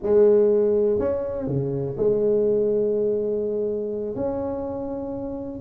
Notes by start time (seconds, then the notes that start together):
0.02 G#3
0.99 C#4
1.47 C#3
1.97 G#3
4.15 C#4